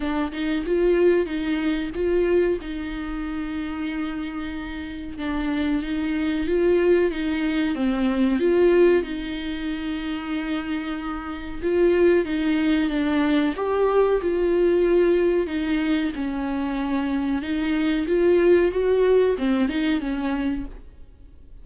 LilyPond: \new Staff \with { instrumentName = "viola" } { \time 4/4 \tempo 4 = 93 d'8 dis'8 f'4 dis'4 f'4 | dis'1 | d'4 dis'4 f'4 dis'4 | c'4 f'4 dis'2~ |
dis'2 f'4 dis'4 | d'4 g'4 f'2 | dis'4 cis'2 dis'4 | f'4 fis'4 c'8 dis'8 cis'4 | }